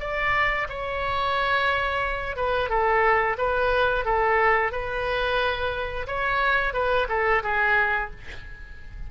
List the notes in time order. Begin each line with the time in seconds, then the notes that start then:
0.00 D5
0.69 C#5
2.36 B4
2.69 A4
3.38 B4
4.05 A4
4.72 B4
6.07 C#5
6.74 B4
7.09 A4
7.43 G#4